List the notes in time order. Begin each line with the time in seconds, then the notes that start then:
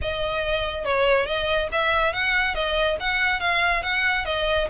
0.01 D#5
0.84 C#5
1.26 D#5
1.71 E5
2.13 F#5
2.54 D#5
2.99 F#5
3.40 F5
3.83 F#5
4.25 D#5